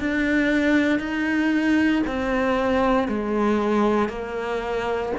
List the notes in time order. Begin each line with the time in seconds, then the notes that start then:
0.00 D4
1.00 D#4
2.07 C4
3.08 G#3
4.10 A#3